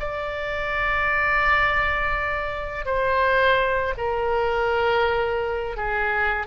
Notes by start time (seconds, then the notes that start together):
0.00 D5
2.86 C5
3.98 A#4
5.77 G#4